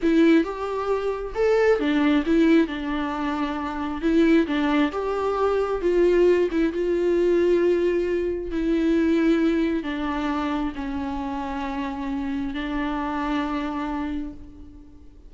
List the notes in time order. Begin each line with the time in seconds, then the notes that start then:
0.02 E4
0.44 G4
1.35 A4
1.79 D4
2.26 E4
2.67 D4
4.01 E4
4.46 D4
4.92 G4
5.81 F4
6.51 E4
6.72 F4
8.51 E4
9.83 D4
10.75 C#4
12.54 D4